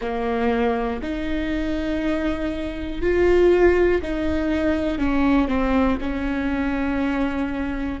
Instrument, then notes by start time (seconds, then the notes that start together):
viola
0.00 A#3
1.02 D#4
3.01 F4
4.01 D#4
4.98 C#4
5.48 C4
6.00 C#4